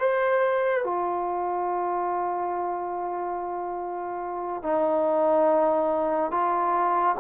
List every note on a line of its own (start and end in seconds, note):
0.00 0.85 C5
0.85 4.63 F4
4.63 6.31 D#4
6.31 7.16 F4